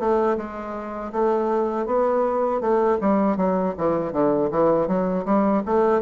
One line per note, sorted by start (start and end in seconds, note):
0.00 0.38 A3
0.38 1.12 G#3
1.13 1.86 A3
1.86 2.61 B3
2.61 2.99 A3
3.01 3.38 G3
3.38 3.75 F#3
3.78 4.13 E3
4.13 4.50 D3
4.51 4.88 E3
4.88 5.25 F#3
5.26 5.63 G3
5.66 6.02 A3